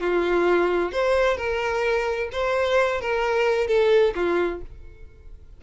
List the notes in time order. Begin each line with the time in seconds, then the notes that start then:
0.00 F4
0.92 C5
1.37 A#4
2.32 C5
3.01 A#4
3.68 A4
4.15 F4